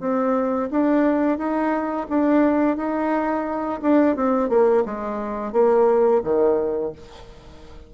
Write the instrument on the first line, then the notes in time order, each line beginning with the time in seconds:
bassoon
0.00 C4
0.71 D4
1.38 D#4
2.09 D4
2.76 D#4
3.82 D4
4.16 C4
4.49 A#3
4.85 G#3
5.52 A#3
6.24 D#3